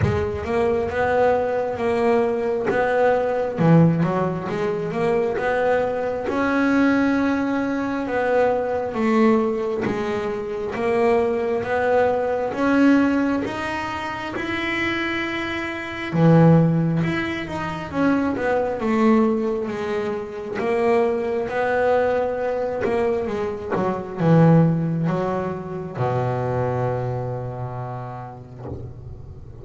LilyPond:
\new Staff \with { instrumentName = "double bass" } { \time 4/4 \tempo 4 = 67 gis8 ais8 b4 ais4 b4 | e8 fis8 gis8 ais8 b4 cis'4~ | cis'4 b4 a4 gis4 | ais4 b4 cis'4 dis'4 |
e'2 e4 e'8 dis'8 | cis'8 b8 a4 gis4 ais4 | b4. ais8 gis8 fis8 e4 | fis4 b,2. | }